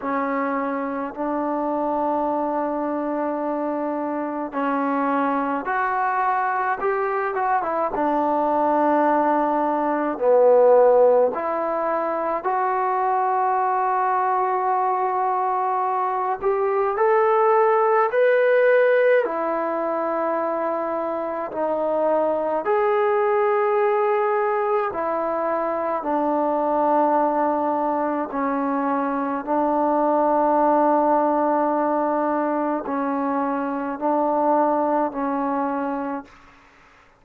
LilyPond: \new Staff \with { instrumentName = "trombone" } { \time 4/4 \tempo 4 = 53 cis'4 d'2. | cis'4 fis'4 g'8 fis'16 e'16 d'4~ | d'4 b4 e'4 fis'4~ | fis'2~ fis'8 g'8 a'4 |
b'4 e'2 dis'4 | gis'2 e'4 d'4~ | d'4 cis'4 d'2~ | d'4 cis'4 d'4 cis'4 | }